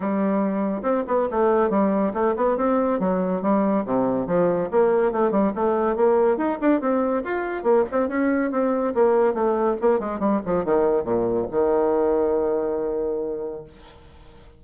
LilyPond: \new Staff \with { instrumentName = "bassoon" } { \time 4/4 \tempo 4 = 141 g2 c'8 b8 a4 | g4 a8 b8 c'4 fis4 | g4 c4 f4 ais4 | a8 g8 a4 ais4 dis'8 d'8 |
c'4 f'4 ais8 c'8 cis'4 | c'4 ais4 a4 ais8 gis8 | g8 f8 dis4 ais,4 dis4~ | dis1 | }